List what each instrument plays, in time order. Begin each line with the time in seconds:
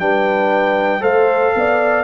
0.00 tuba G3, trombone D4, horn B4, trumpet G5
1.01 tuba A3, trombone A4, horn C5, trumpet F5
1.55 tuba B3, horn D5